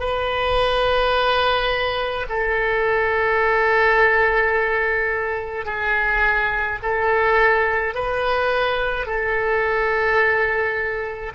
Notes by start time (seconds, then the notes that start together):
0.00 B4
2.29 A4
5.66 G#4
6.83 A4
7.95 B4
9.06 A4